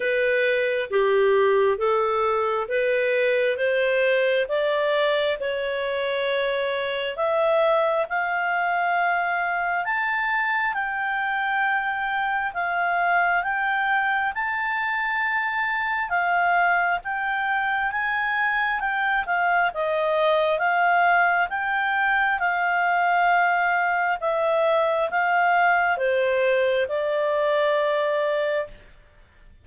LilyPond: \new Staff \with { instrumentName = "clarinet" } { \time 4/4 \tempo 4 = 67 b'4 g'4 a'4 b'4 | c''4 d''4 cis''2 | e''4 f''2 a''4 | g''2 f''4 g''4 |
a''2 f''4 g''4 | gis''4 g''8 f''8 dis''4 f''4 | g''4 f''2 e''4 | f''4 c''4 d''2 | }